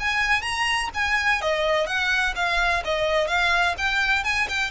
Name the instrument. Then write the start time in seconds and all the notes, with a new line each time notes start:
violin
0.00 G#5
0.42 A#5
0.94 G#5
1.42 D#5
1.87 F#5
2.35 F5
2.85 D#5
3.27 F5
3.78 G5
4.24 G#5
4.49 G5